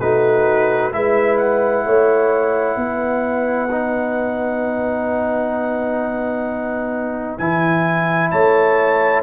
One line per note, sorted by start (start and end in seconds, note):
0.00 0.93 A3
0.00 0.92 D#4
0.00 0.94 F#4
0.00 0.92 B4
0.92 1.85 G#3
0.92 3.69 E4
0.92 1.86 B4
0.92 1.38 E5
1.38 7.38 F#5
1.85 2.76 A3
1.85 2.79 C#5
2.76 7.38 B3
2.76 8.32 B4
3.71 7.40 D#4
7.38 8.31 E3
7.38 9.23 E4
7.38 8.31 G#5
8.31 9.23 A3
8.31 9.23 C#5
8.31 9.23 A5